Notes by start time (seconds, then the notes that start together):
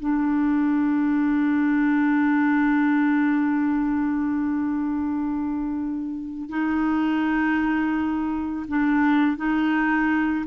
0.00 D4
6.49 D#4
8.68 D4
9.37 D#4